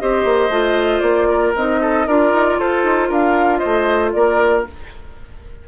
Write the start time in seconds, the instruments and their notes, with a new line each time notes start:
0.00 bassoon C4, clarinet G4, oboe C5, flute D#5
0.25 bassoon A#3
0.50 bassoon A3, clarinet F4
1.01 bassoon A#3, flute D5
1.29 oboe A#4
1.56 bassoon C4, clarinet D#4, flute D#5
1.82 oboe A4
2.07 bassoon D4, clarinet F4, oboe A#4, flute D5
2.33 bassoon D#4
2.59 bassoon F4, oboe A4, flute C5
2.84 bassoon D#4
3.09 bassoon D4, oboe A#4, flute F5
3.58 oboe C5, flute D#5
3.65 bassoon A3
4.13 bassoon A#3, oboe A#4, flute D5